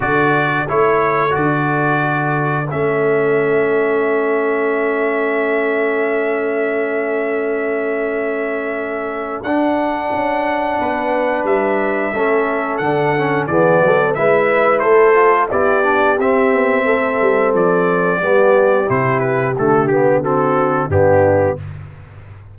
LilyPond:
<<
  \new Staff \with { instrumentName = "trumpet" } { \time 4/4 \tempo 4 = 89 d''4 cis''4 d''2 | e''1~ | e''1~ | e''2 fis''2~ |
fis''4 e''2 fis''4 | d''4 e''4 c''4 d''4 | e''2 d''2 | c''8 b'8 a'8 g'8 a'4 g'4 | }
  \new Staff \with { instrumentName = "horn" } { \time 4/4 a'1~ | a'1~ | a'1~ | a'1 |
b'2 a'2 | gis'8 a'8 b'4 a'4 g'4~ | g'4 a'2 g'4~ | g'2 fis'4 d'4 | }
  \new Staff \with { instrumentName = "trombone" } { \time 4/4 fis'4 e'4 fis'2 | cis'1~ | cis'1~ | cis'2 d'2~ |
d'2 cis'4 d'8 cis'8 | b4 e'4. f'8 e'8 d'8 | c'2. b4 | e'4 a8 b8 c'4 b4 | }
  \new Staff \with { instrumentName = "tuba" } { \time 4/4 d4 a4 d2 | a1~ | a1~ | a2 d'4 cis'4 |
b4 g4 a4 d4 | e8 fis8 gis4 a4 b4 | c'8 b8 a8 g8 f4 g4 | c4 d2 g,4 | }
>>